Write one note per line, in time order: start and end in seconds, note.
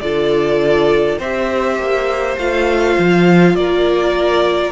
0.00 1.18 D3
0.00 1.20 F4
0.00 1.18 A4
0.00 1.18 D5
1.18 1.78 C4
1.18 2.38 G4
1.18 3.53 C5
1.18 2.38 E5
1.78 2.37 A#3
2.37 2.96 A3
2.37 4.71 F4
2.37 3.55 F5
2.98 3.55 F3
3.55 4.71 A#3
3.55 4.71 A#4
3.55 4.71 D5